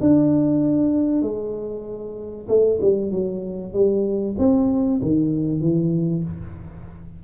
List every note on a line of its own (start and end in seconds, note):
0.00 1.22 D4
1.22 2.47 G#3
2.48 2.79 A3
2.81 3.11 G3
3.11 3.73 F#3
3.73 4.36 G3
4.38 5.01 C4
5.01 5.61 D#3
5.61 6.23 E3